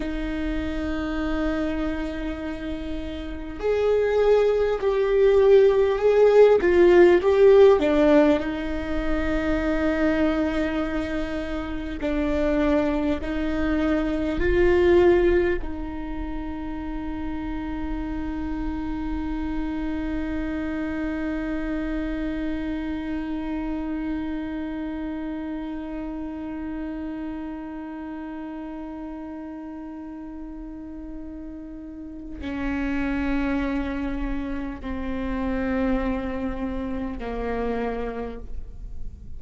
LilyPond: \new Staff \with { instrumentName = "viola" } { \time 4/4 \tempo 4 = 50 dis'2. gis'4 | g'4 gis'8 f'8 g'8 d'8 dis'4~ | dis'2 d'4 dis'4 | f'4 dis'2.~ |
dis'1~ | dis'1~ | dis'2. cis'4~ | cis'4 c'2 ais4 | }